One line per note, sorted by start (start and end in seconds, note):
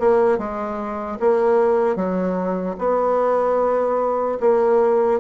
0.00 0.39 A#3
0.39 1.19 G#3
1.20 1.96 A#3
1.96 2.76 F#3
2.79 4.39 B3
4.40 5.20 A#3